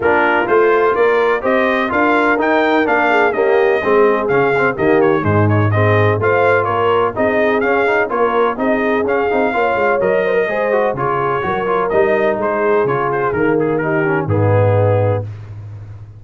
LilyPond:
<<
  \new Staff \with { instrumentName = "trumpet" } { \time 4/4 \tempo 4 = 126 ais'4 c''4 d''4 dis''4 | f''4 g''4 f''4 dis''4~ | dis''4 f''4 dis''8 cis''8 c''8 cis''8 | dis''4 f''4 cis''4 dis''4 |
f''4 cis''4 dis''4 f''4~ | f''4 dis''2 cis''4~ | cis''4 dis''4 c''4 cis''8 c''8 | ais'8 gis'8 ais'4 gis'2 | }
  \new Staff \with { instrumentName = "horn" } { \time 4/4 f'2 ais'4 c''4 | ais'2~ ais'8 gis'8 g'4 | gis'2 g'4 dis'4 | gis'4 c''4 ais'4 gis'4~ |
gis'4 ais'4 gis'2 | cis''4. c''16 ais'16 c''4 gis'4 | ais'2 gis'2~ | gis'4 g'4 dis'2 | }
  \new Staff \with { instrumentName = "trombone" } { \time 4/4 d'4 f'2 g'4 | f'4 dis'4 d'4 ais4 | c'4 cis'8 c'8 ais4 gis4 | c'4 f'2 dis'4 |
cis'8 dis'8 f'4 dis'4 cis'8 dis'8 | f'4 ais'4 gis'8 fis'8 f'4 | fis'8 f'8 dis'2 f'4 | ais4 dis'8 cis'8 b2 | }
  \new Staff \with { instrumentName = "tuba" } { \time 4/4 ais4 a4 ais4 c'4 | d'4 dis'4 ais4 cis'4 | gis4 cis4 dis4 gis,4~ | gis,4 a4 ais4 c'4 |
cis'4 ais4 c'4 cis'8 c'8 | ais8 gis8 fis4 gis4 cis4 | fis4 g4 gis4 cis4 | dis2 gis,2 | }
>>